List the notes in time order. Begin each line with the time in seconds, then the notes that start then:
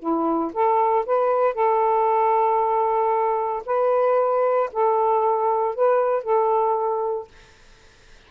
0.00 E4
0.54 A4
1.06 B4
1.55 A4
3.66 B4
4.73 A4
5.75 B4
6.24 A4